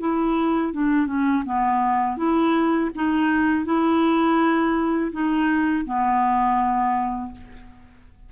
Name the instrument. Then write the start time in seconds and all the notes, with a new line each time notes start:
clarinet
0.00 E4
0.73 D4
1.07 C#4
1.46 B3
2.17 E4
2.95 D#4
3.65 E4
5.12 D#4
5.85 B3